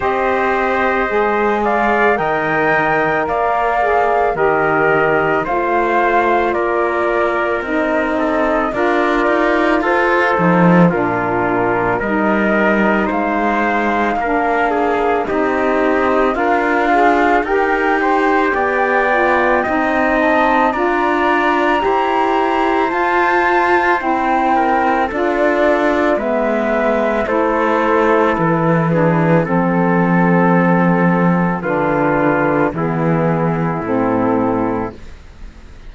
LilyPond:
<<
  \new Staff \with { instrumentName = "flute" } { \time 4/4 \tempo 4 = 55 dis''4. f''8 g''4 f''4 | dis''4 f''4 d''4 dis''4 | d''4 c''4 ais'4 dis''4 | f''2 dis''4 f''4 |
g''2~ g''8 a''8 ais''4~ | ais''4 a''4 g''4 d''4 | e''4 c''4 b'4 a'4~ | a'4 b'4 gis'4 a'4 | }
  \new Staff \with { instrumentName = "trumpet" } { \time 4/4 c''4. d''8 dis''4 d''4 | ais'4 c''4 ais'4. a'8 | ais'4 a'4 f'4 ais'4 | c''4 ais'8 gis'8 g'4 f'4 |
ais'8 c''8 d''4 dis''4 d''4 | c''2~ c''8 ais'8 a'4 | b'4 a'4. gis'8 a'4~ | a'4 f'4 e'2 | }
  \new Staff \with { instrumentName = "saxophone" } { \time 4/4 g'4 gis'4 ais'4. gis'8 | g'4 f'2 dis'4 | f'4. dis'8 d'4 dis'4~ | dis'4 d'4 dis'4 ais'8 gis'8 |
g'4. f'8 dis'4 f'4 | g'4 f'4 e'4 f'4 | b4 e'4. d'8 c'4~ | c'4 d'4 b4 c'4 | }
  \new Staff \with { instrumentName = "cello" } { \time 4/4 c'4 gis4 dis4 ais4 | dis4 a4 ais4 c'4 | d'8 dis'8 f'8 f8 ais,4 g4 | gis4 ais4 c'4 d'4 |
dis'4 b4 c'4 d'4 | e'4 f'4 c'4 d'4 | gis4 a4 e4 f4~ | f4 d4 e4 a,4 | }
>>